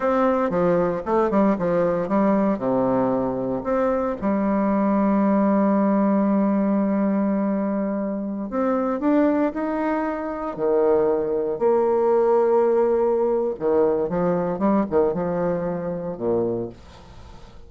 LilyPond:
\new Staff \with { instrumentName = "bassoon" } { \time 4/4 \tempo 4 = 115 c'4 f4 a8 g8 f4 | g4 c2 c'4 | g1~ | g1~ |
g16 c'4 d'4 dis'4.~ dis'16~ | dis'16 dis2 ais4.~ ais16~ | ais2 dis4 f4 | g8 dis8 f2 ais,4 | }